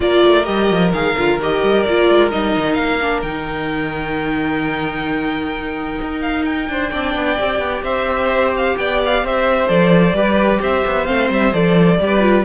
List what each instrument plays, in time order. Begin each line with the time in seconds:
0.00 cello A#3, viola F4, violin A#4 D5
0.24 cello A3
0.43 cello G3, viola G4, violin D#5
0.70 cello F3
0.92 cello D#3, viola G#4, violin F5
1.17 cello D3, viola F4
1.38 cello D#3, viola G4, violin D#5
1.62 cello G3
1.83 cello A#3, viola F4, violin D5
2.09 cello G#3
2.30 cello G3, viola D#4, violin D#5
2.56 cello D#3
2.73 cello A#3, violin F5
3.00 viola D4
3.22 cello D#3, viola D#4, violin G5
6.01 cello D#4
6.21 violin F5
6.45 violin G5
6.68 cello D4, violin C5
6.90 cello C4, viola D4, violin D5
7.15 cello B3
7.38 cello C4, viola G4
7.58 cello B3
7.82 cello C4, violin C5 E5
8.56 violin F5
8.77 cello B3, violin D5 G5
9.05 violin F5
9.23 cello C4, violin C5 E5
9.67 cello F3, viola A4, violin D5
10.12 cello G3, viola G4, violin B4
10.60 cello C4, violin C5 E5
10.86 cello B3
11.05 cello A3, viola C4, violin F5
11.29 cello G3, violin E5
11.53 cello F3, viola A4, violin D5
11.99 cello G3, viola G4, violin B4
12.20 viola F4